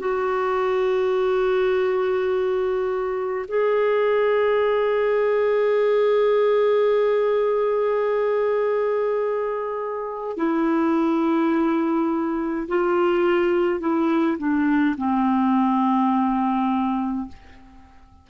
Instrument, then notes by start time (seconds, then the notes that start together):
clarinet
0.00 F#4
3.48 G#4
10.37 E4
12.69 F4
13.80 E4
14.39 D4
14.98 C4